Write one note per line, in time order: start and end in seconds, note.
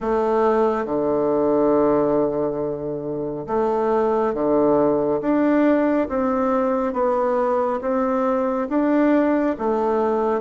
0.00 0.85 A3
0.85 3.46 D3
3.47 4.34 A3
4.34 5.21 D3
5.21 6.08 D4
6.09 6.93 C4
6.93 7.80 B3
7.81 8.68 C4
8.69 9.56 D4
9.58 10.40 A3